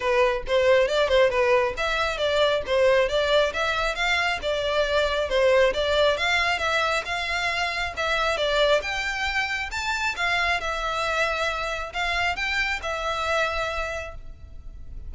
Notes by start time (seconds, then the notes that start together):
0.00 B4
0.47 C5
0.87 D5
1.08 C5
1.30 B4
1.77 E5
2.17 D5
2.66 C5
3.08 D5
3.53 E5
3.95 F5
4.42 D5
5.29 C5
5.73 D5
6.17 F5
6.59 E5
7.05 F5
7.96 E5
8.37 D5
8.82 G5
9.71 A5
10.16 F5
10.60 E5
11.93 F5
12.36 G5
12.82 E5